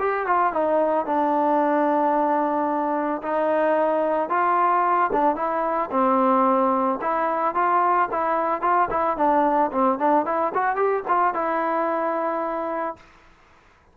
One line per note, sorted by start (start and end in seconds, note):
0.00 0.27 G4
0.27 0.54 F4
0.54 1.06 D#4
1.06 3.22 D4
3.23 4.30 D#4
4.30 5.11 F4
5.13 5.36 D4
5.36 5.90 E4
5.92 7.00 C4
7.02 7.55 E4
7.55 8.09 F4
8.12 8.62 E4
8.62 8.89 F4
8.91 9.17 E4
9.17 9.71 D4
9.72 9.99 C4
9.99 10.26 D4
10.26 10.53 E4
10.55 10.76 F#4
10.76 11.03 G4
11.08 11.35 F4
11.35 12.97 E4